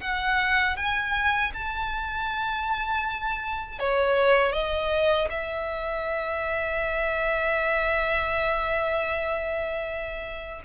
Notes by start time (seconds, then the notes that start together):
0.00 F#5
0.76 G#5
1.53 A5
3.79 C#5
4.52 D#5
5.30 E5